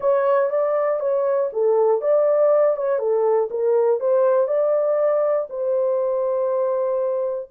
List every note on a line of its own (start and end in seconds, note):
0.00 0.50 C#5
0.50 1.00 D5
1.00 1.50 C#5
1.52 2.01 A4
2.01 2.76 D5
2.76 2.99 C#5
2.99 3.49 A4
3.50 4.00 A#4
4.00 4.47 C5
4.47 5.47 D5
5.49 7.49 C5